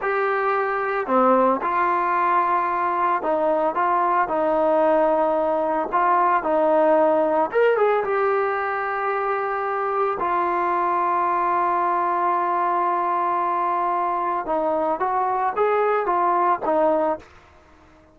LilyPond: \new Staff \with { instrumentName = "trombone" } { \time 4/4 \tempo 4 = 112 g'2 c'4 f'4~ | f'2 dis'4 f'4 | dis'2. f'4 | dis'2 ais'8 gis'8 g'4~ |
g'2. f'4~ | f'1~ | f'2. dis'4 | fis'4 gis'4 f'4 dis'4 | }